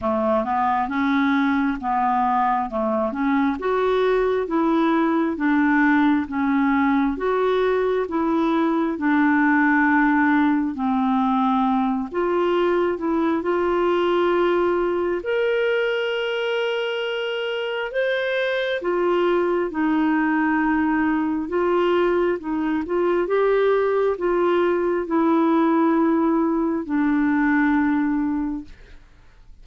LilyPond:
\new Staff \with { instrumentName = "clarinet" } { \time 4/4 \tempo 4 = 67 a8 b8 cis'4 b4 a8 cis'8 | fis'4 e'4 d'4 cis'4 | fis'4 e'4 d'2 | c'4. f'4 e'8 f'4~ |
f'4 ais'2. | c''4 f'4 dis'2 | f'4 dis'8 f'8 g'4 f'4 | e'2 d'2 | }